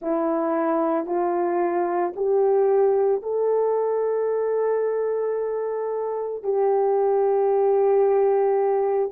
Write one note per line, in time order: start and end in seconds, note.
0.01 1.06 E4
1.06 2.13 F4
2.16 3.22 G4
3.22 6.43 A4
6.43 9.11 G4